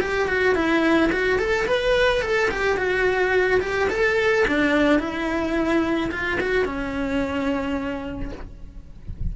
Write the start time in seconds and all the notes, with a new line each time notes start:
0.00 G4
0.28 F#4
0.55 E4
1.12 F#4
1.38 A4
1.66 B4
2.21 A4
2.51 G4
2.77 F#4
3.60 G4
3.89 A4
4.47 D4
4.99 E4
6.11 F4
6.40 F#4
6.65 C#4